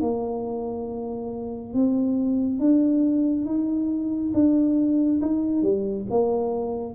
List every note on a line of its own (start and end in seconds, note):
0.00 1.73 A#3
1.73 2.59 C4
2.59 3.45 D4
3.45 4.32 D#4
4.34 5.21 D4
5.21 5.62 D#4
5.62 6.05 G3
6.10 6.94 A#3